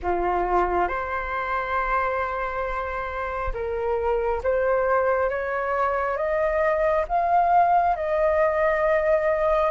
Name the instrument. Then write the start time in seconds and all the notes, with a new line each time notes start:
flute
0.02 F4
0.88 C5
3.53 A#4
4.43 C5
5.29 C#5
6.16 D#5
7.07 F5
7.95 D#5